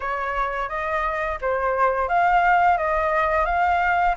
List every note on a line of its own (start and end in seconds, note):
0.00 0.68 C#5
0.68 1.38 D#5
1.41 2.08 C5
2.08 2.77 F5
2.77 3.45 D#5
3.45 4.15 F5